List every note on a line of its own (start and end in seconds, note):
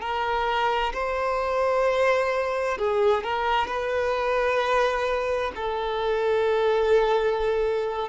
0.00 0.92 A#4
0.93 2.77 C5
2.77 3.23 G#4
3.23 3.67 A#4
3.67 5.51 B4
5.55 8.08 A4